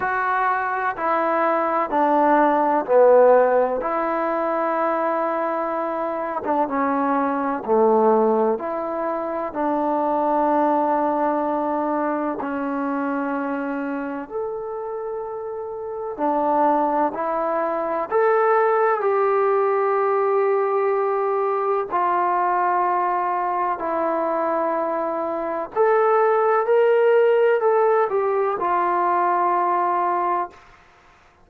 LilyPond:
\new Staff \with { instrumentName = "trombone" } { \time 4/4 \tempo 4 = 63 fis'4 e'4 d'4 b4 | e'2~ e'8. d'16 cis'4 | a4 e'4 d'2~ | d'4 cis'2 a'4~ |
a'4 d'4 e'4 a'4 | g'2. f'4~ | f'4 e'2 a'4 | ais'4 a'8 g'8 f'2 | }